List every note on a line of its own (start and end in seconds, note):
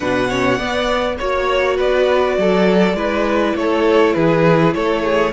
0.00 0.58 B2
0.00 0.29 D4
0.00 0.29 B4
0.00 1.14 F#5
0.29 0.60 C#4
0.29 0.57 C#5
0.57 1.18 B3
0.57 1.19 B3
0.57 1.16 D5
1.18 1.78 A#3
1.18 2.95 F#4
1.18 1.77 C#5
1.18 1.76 C#5
1.76 2.37 B3
1.76 2.35 B4
1.76 3.56 D5
2.37 2.93 F#3
2.37 2.96 A4
2.93 3.53 G#3
2.93 5.33 E4
2.93 3.55 B4
3.55 4.15 A3
3.55 4.15 A4
3.55 4.14 C#5
4.14 4.75 E3
4.14 4.74 G#4
4.14 4.73 B4
4.74 5.33 A3
4.74 5.03 A4
4.74 5.33 C#5
5.03 5.32 G#4